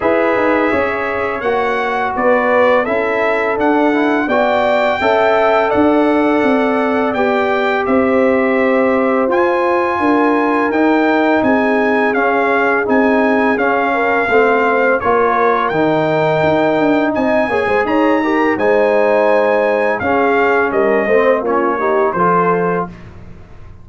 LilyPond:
<<
  \new Staff \with { instrumentName = "trumpet" } { \time 4/4 \tempo 4 = 84 e''2 fis''4 d''4 | e''4 fis''4 g''2 | fis''2 g''4 e''4~ | e''4 gis''2 g''4 |
gis''4 f''4 gis''4 f''4~ | f''4 cis''4 g''2 | gis''4 ais''4 gis''2 | f''4 dis''4 cis''4 c''4 | }
  \new Staff \with { instrumentName = "horn" } { \time 4/4 b'4 cis''2 b'4 | a'2 d''4 e''4 | d''2. c''4~ | c''2 ais'2 |
gis'2.~ gis'8 ais'8 | c''4 ais'2. | dis''8 cis''16 c''16 cis''8 ais'8 c''2 | gis'4 ais'8 c''8 f'8 g'8 a'4 | }
  \new Staff \with { instrumentName = "trombone" } { \time 4/4 gis'2 fis'2 | e'4 d'8 e'8 fis'4 a'4~ | a'2 g'2~ | g'4 f'2 dis'4~ |
dis'4 cis'4 dis'4 cis'4 | c'4 f'4 dis'2~ | dis'8 gis'4 g'8 dis'2 | cis'4. c'8 cis'8 dis'8 f'4 | }
  \new Staff \with { instrumentName = "tuba" } { \time 4/4 e'8 dis'8 cis'4 ais4 b4 | cis'4 d'4 b4 cis'4 | d'4 c'4 b4 c'4~ | c'4 f'4 d'4 dis'4 |
c'4 cis'4 c'4 cis'4 | a4 ais4 dis4 dis'8 d'8 | c'8 ais16 gis16 dis'4 gis2 | cis'4 g8 a8 ais4 f4 | }
>>